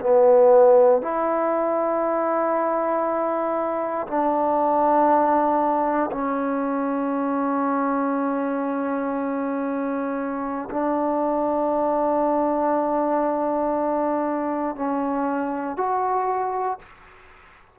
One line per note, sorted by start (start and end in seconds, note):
0.00 1.02 B3
1.02 4.07 E4
4.07 6.10 D4
6.12 10.69 C#4
10.70 14.75 D4
14.75 15.77 C#4
15.77 16.78 F#4